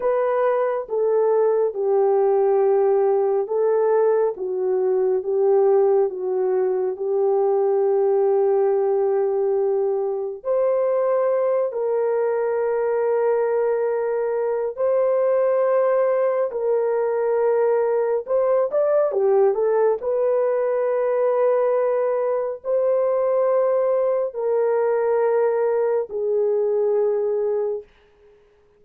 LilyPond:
\new Staff \with { instrumentName = "horn" } { \time 4/4 \tempo 4 = 69 b'4 a'4 g'2 | a'4 fis'4 g'4 fis'4 | g'1 | c''4. ais'2~ ais'8~ |
ais'4 c''2 ais'4~ | ais'4 c''8 d''8 g'8 a'8 b'4~ | b'2 c''2 | ais'2 gis'2 | }